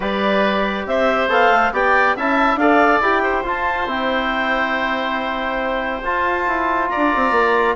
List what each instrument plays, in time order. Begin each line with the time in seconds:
0.00 bassoon G3, trombone G4, oboe B4, clarinet D5
0.85 bassoon C4, oboe C5, clarinet E5
1.28 bassoon B3, trombone A4, clarinet F5
1.49 bassoon A3
1.71 bassoon B3, trombone G4, oboe D5, clarinet G5
2.16 bassoon C#4, trombone E4, oboe E5, clarinet A5
2.55 bassoon D4, trombone A4, oboe D5, clarinet F5
3.00 bassoon E4, trombone G4, clarinet G5
3.22 oboe C5
3.43 trombone F4, bassoon F4, clarinet A5
3.86 bassoon C4, trombone E4, clarinet G5
6.02 bassoon F4, trombone F4, clarinet A5
6.46 bassoon E4
6.89 oboe D5, clarinet A#5
6.95 bassoon D4
7.15 bassoon C4
7.31 bassoon A#3